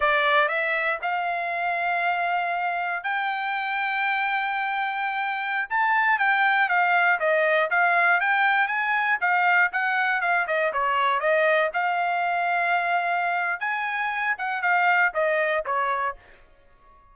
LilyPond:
\new Staff \with { instrumentName = "trumpet" } { \time 4/4 \tempo 4 = 119 d''4 e''4 f''2~ | f''2 g''2~ | g''2.~ g''16 a''8.~ | a''16 g''4 f''4 dis''4 f''8.~ |
f''16 g''4 gis''4 f''4 fis''8.~ | fis''16 f''8 dis''8 cis''4 dis''4 f''8.~ | f''2. gis''4~ | gis''8 fis''8 f''4 dis''4 cis''4 | }